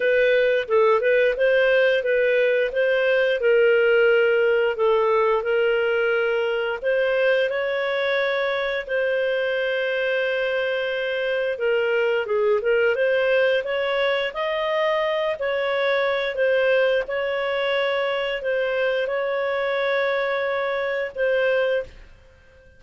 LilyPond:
\new Staff \with { instrumentName = "clarinet" } { \time 4/4 \tempo 4 = 88 b'4 a'8 b'8 c''4 b'4 | c''4 ais'2 a'4 | ais'2 c''4 cis''4~ | cis''4 c''2.~ |
c''4 ais'4 gis'8 ais'8 c''4 | cis''4 dis''4. cis''4. | c''4 cis''2 c''4 | cis''2. c''4 | }